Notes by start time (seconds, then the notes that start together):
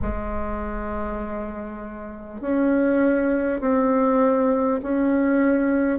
0.01 G#3
2.41 C#4
3.60 C4
4.82 C#4